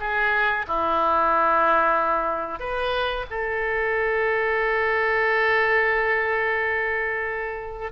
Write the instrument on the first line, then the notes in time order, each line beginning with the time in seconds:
oboe
0.00 G#4
0.68 E4
2.60 B4
3.30 A4